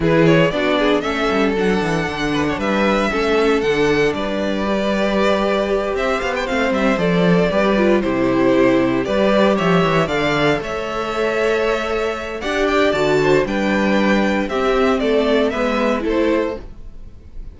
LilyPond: <<
  \new Staff \with { instrumentName = "violin" } { \time 4/4 \tempo 4 = 116 b'8 cis''8 d''4 e''4 fis''4~ | fis''4 e''2 fis''4 | d''2.~ d''8 e''8 | f''16 g''16 f''8 e''8 d''2 c''8~ |
c''4. d''4 e''4 f''8~ | f''8 e''2.~ e''8 | fis''8 g''8 a''4 g''2 | e''4 d''4 e''4 c''4 | }
  \new Staff \with { instrumentName = "violin" } { \time 4/4 gis'4 fis'8 gis'8 a'2~ | a'8 b'16 cis''16 b'4 a'2 | b'2.~ b'8 c''8~ | c''2~ c''8 b'4 g'8~ |
g'4. b'4 cis''4 d''8~ | d''8 cis''2.~ cis''8 | d''4. c''8 b'2 | g'4 a'4 b'4 a'4 | }
  \new Staff \with { instrumentName = "viola" } { \time 4/4 e'4 d'4 cis'4 d'4~ | d'2 cis'4 d'4~ | d'4 g'2.~ | g'8 c'4 a'4 g'8 f'8 e'8~ |
e'4. g'2 a'8~ | a'1 | g'4 fis'4 d'2 | c'2 b4 e'4 | }
  \new Staff \with { instrumentName = "cello" } { \time 4/4 e4 b4 a8 g8 fis8 e8 | d4 g4 a4 d4 | g2.~ g8 c'8 | b8 a8 g8 f4 g4 c8~ |
c4. g4 f8 e8 d8~ | d8 a2.~ a8 | d'4 d4 g2 | c'4 a4 gis4 a4 | }
>>